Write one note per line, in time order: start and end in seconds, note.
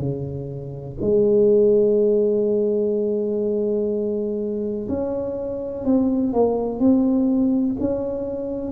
0.00 0.97 C#3
1.02 4.89 G#3
4.89 5.85 C#4
5.85 6.33 C4
6.33 6.80 A#3
6.80 7.77 C4
7.80 8.73 C#4